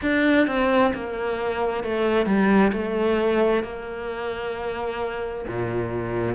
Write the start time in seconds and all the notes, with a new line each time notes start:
0.02 D4
0.47 C4
0.94 A#3
1.83 A3
2.26 G3
2.72 A3
3.63 A#3
5.47 A#2